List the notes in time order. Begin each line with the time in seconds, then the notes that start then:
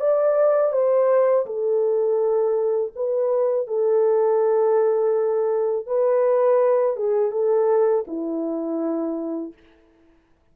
0.00 D5
0.73 C5
1.46 A4
2.96 B4
3.67 A4
5.86 B4
6.96 G#4
7.31 A4
8.07 E4